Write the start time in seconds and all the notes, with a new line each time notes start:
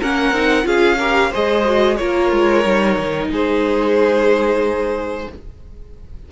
0.00 A#3 C#4 A#4 F#5
0.32 C4 D#4
0.63 C#4 F4 G#4 F5
0.98 G4 A#4
1.31 G#3 G#4 C5 D#5
1.65 F#4
1.97 A#3 F4 A#4 C#5
2.32 G#3
2.64 G3 D#4
2.99 D#3
3.29 G#3 G#4 C5